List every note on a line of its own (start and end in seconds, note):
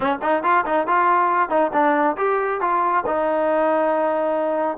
0.00 0.18 C#4
0.22 0.43 D#4
0.43 0.64 F4
0.66 0.87 D#4
0.87 1.49 F4
1.49 1.71 D#4
1.73 2.16 D4
2.17 2.60 G4
2.60 3.04 F4
3.06 4.77 D#4